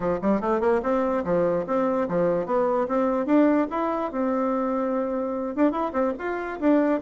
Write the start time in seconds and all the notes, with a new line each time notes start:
0.00 F3
0.21 G3
0.40 A3
0.60 A#3
0.82 C4
1.24 F3
1.66 C4
2.08 F3
2.46 B3
2.87 C4
3.26 D4
3.70 E4
4.11 C4
5.55 D4
5.71 E4
5.92 C4
6.18 F4
6.60 D4